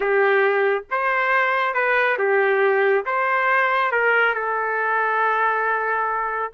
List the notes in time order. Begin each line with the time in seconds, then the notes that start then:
0.00 G4
0.91 C5
1.74 B4
2.18 G4
3.05 C5
3.91 A#4
4.34 A4